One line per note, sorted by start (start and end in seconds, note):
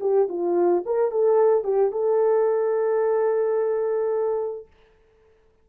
0.00 0.28 G4
0.29 0.84 F4
0.85 1.11 A#4
1.11 1.64 A4
1.64 1.91 G4
1.91 4.67 A4